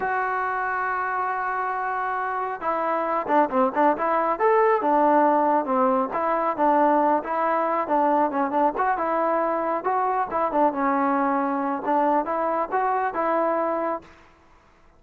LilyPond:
\new Staff \with { instrumentName = "trombone" } { \time 4/4 \tempo 4 = 137 fis'1~ | fis'2 e'4. d'8 | c'8 d'8 e'4 a'4 d'4~ | d'4 c'4 e'4 d'4~ |
d'8 e'4. d'4 cis'8 d'8 | fis'8 e'2 fis'4 e'8 | d'8 cis'2~ cis'8 d'4 | e'4 fis'4 e'2 | }